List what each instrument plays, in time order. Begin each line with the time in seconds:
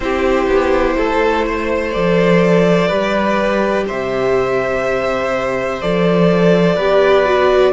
0.00 cello C4, viola E4, violin G4 C5
0.46 cello B3
0.97 cello A3, violin A4
1.46 violin C5
1.91 cello F3, viola A4, violin D5
2.87 cello G3, viola G4, violin B4
3.87 cello C3, violin C5 E5
5.81 cello F3, viola A4, violin D5
6.75 cello B3, viola G4, violin B4
7.25 viola F#4